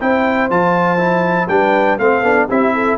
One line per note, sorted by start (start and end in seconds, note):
0.00 0.50 C4
0.00 0.50 E4
0.00 1.50 C5
0.00 0.50 G5
0.50 1.48 F3
0.50 0.98 F4
0.50 1.48 A5
0.98 1.48 E4
1.48 1.98 G3
1.48 1.99 D4
1.48 2.00 B4
1.48 1.98 G5
1.98 2.22 A3
1.98 2.24 C4
1.98 2.48 A4
1.98 2.48 F5
2.22 2.47 B3
2.22 2.49 D4
2.48 2.98 C4
2.48 2.98 E4
2.48 2.73 G4
2.48 2.98 E5
2.74 2.98 A4